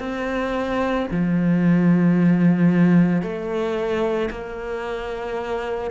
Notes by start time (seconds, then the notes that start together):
0.00 C4
1.12 F3
3.22 A3
4.31 A#3